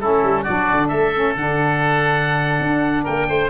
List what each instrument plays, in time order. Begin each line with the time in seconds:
0.00 tuba A3, saxophone C#4, oboe E4 A4
0.23 tuba G3
0.42 saxophone D4, oboe F#4 D5
0.48 tuba F#3
0.71 tuba D3
0.88 tuba A3, oboe A4 E5
1.14 saxophone C#4
1.35 tuba D3, saxophone D4, oboe F#5
2.60 tuba D4
3.03 tuba A#3, oboe A#4 G5
3.29 tuba A3, oboe C5